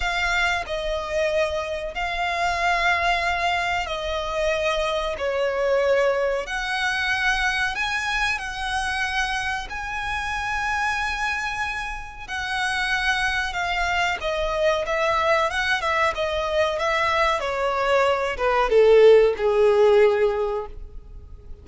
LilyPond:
\new Staff \with { instrumentName = "violin" } { \time 4/4 \tempo 4 = 93 f''4 dis''2 f''4~ | f''2 dis''2 | cis''2 fis''2 | gis''4 fis''2 gis''4~ |
gis''2. fis''4~ | fis''4 f''4 dis''4 e''4 | fis''8 e''8 dis''4 e''4 cis''4~ | cis''8 b'8 a'4 gis'2 | }